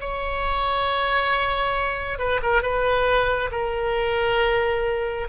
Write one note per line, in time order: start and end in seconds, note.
0.00 2.19 C#5
2.19 2.41 B4
2.42 2.62 A#4
2.62 3.50 B4
3.51 5.28 A#4